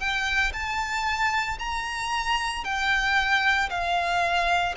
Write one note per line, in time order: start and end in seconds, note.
0.00 0.53 G5
0.54 1.59 A5
1.59 2.65 A#5
2.65 3.70 G5
3.70 4.76 F5